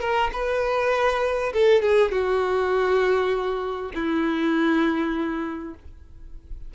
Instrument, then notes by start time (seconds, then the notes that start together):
violin
0.00 A#4
0.32 B4
1.53 A4
1.82 G#4
2.11 F#4
3.94 E4